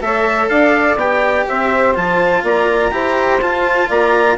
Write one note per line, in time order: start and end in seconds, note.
0.00 0.48 A3
0.00 0.97 A4
0.00 0.49 C#5
0.00 0.49 E5
0.49 0.96 D4
0.49 1.46 D5
0.49 0.97 F5
0.96 1.44 B3
0.96 1.94 G4
0.96 1.47 G5
1.47 1.96 C4
1.47 2.43 C5
1.47 1.96 E5
1.94 2.43 F3
1.94 2.91 F4
1.94 2.45 A5
2.43 2.91 A#3
2.43 2.92 D5
2.43 3.42 A#5
2.91 3.40 E4
2.91 3.39 G4
2.91 3.87 C5
3.40 3.88 F4
3.40 4.37 F4
3.40 3.90 A5
3.87 4.37 A#3
3.87 4.36 D5
3.87 4.37 A#5